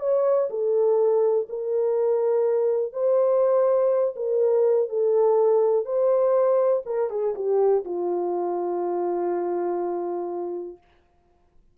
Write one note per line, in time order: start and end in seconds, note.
0.00 0.49 C#5
0.50 1.47 A4
1.49 2.93 A#4
2.93 4.15 C5
4.16 4.89 A#4
4.89 5.85 A4
5.85 6.83 C5
6.86 7.10 A#4
7.10 7.35 G#4
7.35 7.84 G4
7.85 10.77 F4